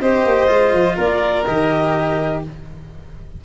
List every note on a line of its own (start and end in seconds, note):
0.00 0.24 C4
0.00 0.47 G4
0.00 0.95 C5
0.00 0.97 D#5
0.24 0.48 A#3
0.47 0.72 G#3
0.47 1.44 F4
0.72 0.96 F3
0.95 1.46 A#3
0.95 2.40 A#4
0.95 1.45 D5
1.45 2.44 D#3
1.45 2.43 G4
1.45 2.41 D#5